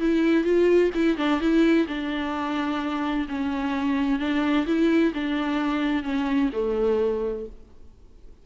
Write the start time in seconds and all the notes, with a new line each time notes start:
0.00 E4
0.44 F4
0.94 E4
1.17 D4
1.40 E4
1.87 D4
3.28 C#4
4.19 D4
4.66 E4
5.14 D4
6.03 C#4
6.53 A3